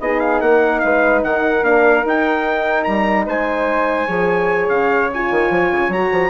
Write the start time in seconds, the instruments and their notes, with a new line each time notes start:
0.00 bassoon B3, horn D#4, flute G#4, trumpet D#5
0.20 trumpet F5
0.41 bassoon A#3, flute A#4, trumpet F#5
0.79 bassoon G#3, flute B4, trumpet F5
1.23 bassoon D#3, flute A#4, trumpet F#5
1.62 bassoon A#3, horn D4, trumpet F5
2.04 horn D#4, bassoon D#4, trumpet G5
2.84 bassoon G3, trumpet A#5
3.25 bassoon G#3, flute C5, trumpet G#5
4.06 bassoon F3, horn G#4, flute C#5
4.69 bassoon C#3, trumpet F5
5.13 horn F4, trumpet G#5
5.31 bassoon D#3
5.50 bassoon F3
5.71 bassoon C#3
5.89 bassoon F#3, horn F#4, trumpet A#5
6.12 bassoon F3